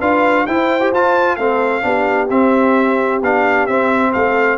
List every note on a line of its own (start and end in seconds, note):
0.00 0.47 D4
0.00 0.48 F4
0.00 0.46 B4
0.00 0.47 F5
0.46 0.93 E4
0.46 0.81 E4
0.46 1.37 C5
0.46 0.92 G5
0.81 0.92 G4
0.93 1.38 F4
0.93 1.39 F4
0.93 1.36 A5
1.36 1.84 A3
1.36 1.82 C4
1.36 1.83 A4
1.36 2.28 F5
1.82 2.30 B3
1.82 2.28 D4
1.82 4.13 G4
2.30 3.22 C4
2.30 3.22 E5
3.22 3.68 B3
3.22 3.69 D4
3.22 3.67 F5
3.67 4.14 C4
3.67 4.58 C4
3.67 4.12 E5
4.13 4.58 A3
4.13 4.58 A4
4.13 4.58 F5